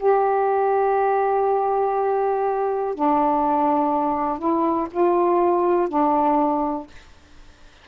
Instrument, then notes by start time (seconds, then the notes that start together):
saxophone
0.00 G4
2.95 D4
4.39 E4
4.92 F4
5.89 D4